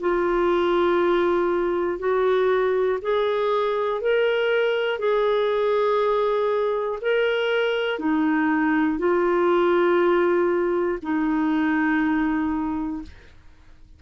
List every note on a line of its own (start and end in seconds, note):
0.00 2.00 F4
2.00 3.00 F#4
3.02 4.01 G#4
4.01 5.00 A#4
5.00 7.00 G#4
7.01 8.00 A#4
8.00 8.99 D#4
8.99 10.99 F4
11.02 13.02 D#4